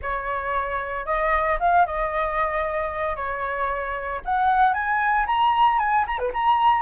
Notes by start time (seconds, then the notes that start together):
0.02 C#5
1.05 D#5
1.59 F5
1.85 D#5
3.16 C#5
4.24 F#5
4.73 G#5
5.26 A#5
5.78 G#5
6.07 A#5
6.18 B4
6.33 A#5